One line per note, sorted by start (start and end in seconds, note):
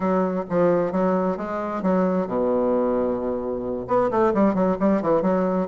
0.00 0.44 F#3
0.49 0.92 F3
0.92 1.37 F#3
1.37 1.82 G#3
1.82 2.27 F#3
2.27 3.86 B2
3.87 4.10 B3
4.10 4.33 A3
4.33 4.54 G3
4.54 4.77 F#3
4.79 5.02 G3
5.02 5.22 E3
5.22 5.67 F#3